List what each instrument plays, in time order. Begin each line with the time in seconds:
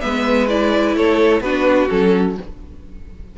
0.00 cello G#3, viola B3, violin B4 E5
0.49 viola E4, violin D5
0.95 cello A3, violin A4 C#5
1.40 cello B3, viola D4, violin F#4 B4
1.89 cello F#3, viola C#4, violin A4